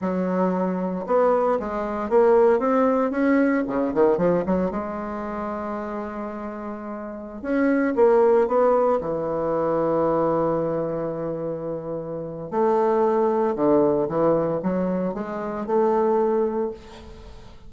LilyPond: \new Staff \with { instrumentName = "bassoon" } { \time 4/4 \tempo 4 = 115 fis2 b4 gis4 | ais4 c'4 cis'4 cis8 dis8 | f8 fis8 gis2.~ | gis2~ gis16 cis'4 ais8.~ |
ais16 b4 e2~ e8.~ | e1 | a2 d4 e4 | fis4 gis4 a2 | }